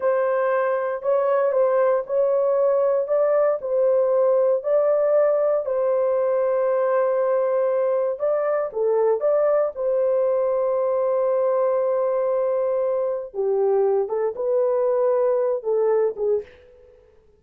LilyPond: \new Staff \with { instrumentName = "horn" } { \time 4/4 \tempo 4 = 117 c''2 cis''4 c''4 | cis''2 d''4 c''4~ | c''4 d''2 c''4~ | c''1 |
d''4 a'4 d''4 c''4~ | c''1~ | c''2 g'4. a'8 | b'2~ b'8 a'4 gis'8 | }